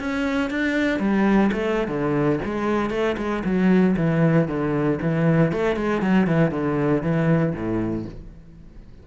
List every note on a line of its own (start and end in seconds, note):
0.00 0.51 C#4
0.51 1.00 D4
1.00 1.51 G3
1.53 1.88 A3
1.88 2.40 D3
2.45 2.91 G#3
2.91 3.16 A3
3.18 3.43 G#3
3.45 3.96 F#3
3.97 4.48 E3
4.48 4.99 D3
5.02 5.53 E3
5.53 5.77 A3
5.77 6.02 G#3
6.02 6.27 F#3
6.27 6.52 E3
6.52 7.03 D3
7.03 7.54 E3
7.55 8.06 A2